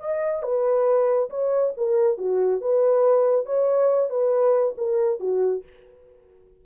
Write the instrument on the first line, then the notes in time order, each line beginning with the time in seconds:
horn
0.00 D#5
0.43 B4
1.30 C#5
1.77 A#4
2.18 F#4
2.61 B4
3.46 C#5
4.10 B4
4.78 A#4
5.20 F#4